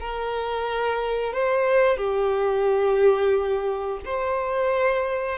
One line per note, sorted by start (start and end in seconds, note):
0.00 1.33 A#4
1.33 1.97 C5
1.97 4.00 G4
4.05 5.38 C5